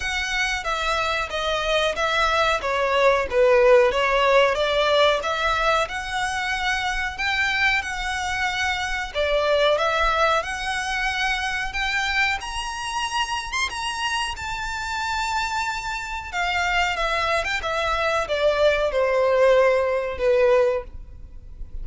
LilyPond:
\new Staff \with { instrumentName = "violin" } { \time 4/4 \tempo 4 = 92 fis''4 e''4 dis''4 e''4 | cis''4 b'4 cis''4 d''4 | e''4 fis''2 g''4 | fis''2 d''4 e''4 |
fis''2 g''4 ais''4~ | ais''8. c'''16 ais''4 a''2~ | a''4 f''4 e''8. g''16 e''4 | d''4 c''2 b'4 | }